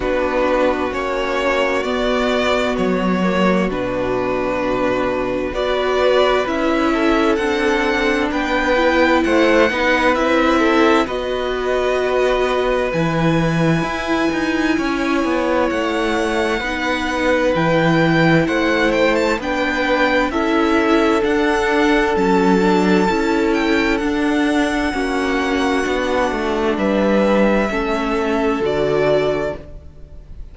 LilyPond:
<<
  \new Staff \with { instrumentName = "violin" } { \time 4/4 \tempo 4 = 65 b'4 cis''4 d''4 cis''4 | b'2 d''4 e''4 | fis''4 g''4 fis''4 e''4 | dis''2 gis''2~ |
gis''4 fis''2 g''4 | fis''8 g''16 a''16 g''4 e''4 fis''4 | a''4. g''8 fis''2~ | fis''4 e''2 d''4 | }
  \new Staff \with { instrumentName = "violin" } { \time 4/4 fis'1~ | fis'2 b'4. a'8~ | a'4 b'4 c''8 b'4 a'8 | b'1 |
cis''2 b'2 | c''4 b'4 a'2~ | a'2. fis'4~ | fis'4 b'4 a'2 | }
  \new Staff \with { instrumentName = "viola" } { \time 4/4 d'4 cis'4 b4. ais8 | d'2 fis'4 e'4 | d'4. e'4 dis'8 e'4 | fis'2 e'2~ |
e'2 dis'4 e'4~ | e'4 d'4 e'4 d'4 | cis'8 d'8 e'4 d'4 cis'4 | d'2 cis'4 fis'4 | }
  \new Staff \with { instrumentName = "cello" } { \time 4/4 b4 ais4 b4 fis4 | b,2 b4 cis'4 | c'4 b4 a8 b8 c'4 | b2 e4 e'8 dis'8 |
cis'8 b8 a4 b4 e4 | a4 b4 cis'4 d'4 | fis4 cis'4 d'4 ais4 | b8 a8 g4 a4 d4 | }
>>